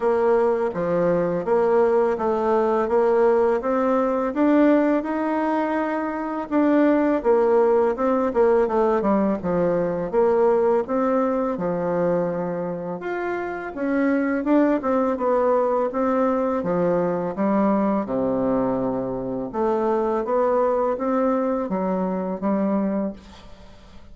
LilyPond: \new Staff \with { instrumentName = "bassoon" } { \time 4/4 \tempo 4 = 83 ais4 f4 ais4 a4 | ais4 c'4 d'4 dis'4~ | dis'4 d'4 ais4 c'8 ais8 | a8 g8 f4 ais4 c'4 |
f2 f'4 cis'4 | d'8 c'8 b4 c'4 f4 | g4 c2 a4 | b4 c'4 fis4 g4 | }